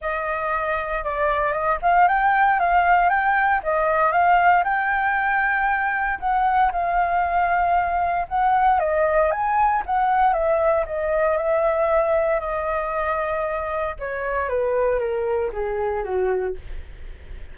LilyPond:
\new Staff \with { instrumentName = "flute" } { \time 4/4 \tempo 4 = 116 dis''2 d''4 dis''8 f''8 | g''4 f''4 g''4 dis''4 | f''4 g''2. | fis''4 f''2. |
fis''4 dis''4 gis''4 fis''4 | e''4 dis''4 e''2 | dis''2. cis''4 | b'4 ais'4 gis'4 fis'4 | }